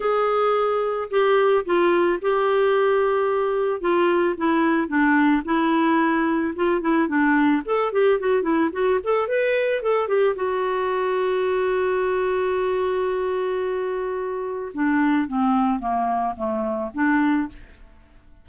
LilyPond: \new Staff \with { instrumentName = "clarinet" } { \time 4/4 \tempo 4 = 110 gis'2 g'4 f'4 | g'2. f'4 | e'4 d'4 e'2 | f'8 e'8 d'4 a'8 g'8 fis'8 e'8 |
fis'8 a'8 b'4 a'8 g'8 fis'4~ | fis'1~ | fis'2. d'4 | c'4 ais4 a4 d'4 | }